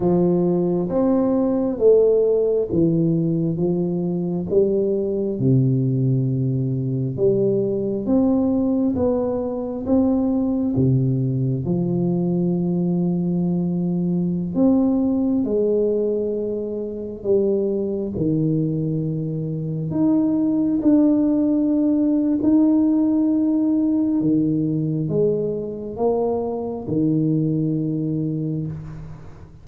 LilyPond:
\new Staff \with { instrumentName = "tuba" } { \time 4/4 \tempo 4 = 67 f4 c'4 a4 e4 | f4 g4 c2 | g4 c'4 b4 c'4 | c4 f2.~ |
f16 c'4 gis2 g8.~ | g16 dis2 dis'4 d'8.~ | d'4 dis'2 dis4 | gis4 ais4 dis2 | }